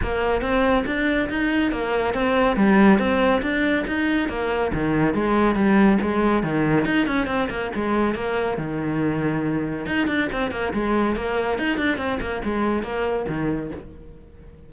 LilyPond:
\new Staff \with { instrumentName = "cello" } { \time 4/4 \tempo 4 = 140 ais4 c'4 d'4 dis'4 | ais4 c'4 g4 c'4 | d'4 dis'4 ais4 dis4 | gis4 g4 gis4 dis4 |
dis'8 cis'8 c'8 ais8 gis4 ais4 | dis2. dis'8 d'8 | c'8 ais8 gis4 ais4 dis'8 d'8 | c'8 ais8 gis4 ais4 dis4 | }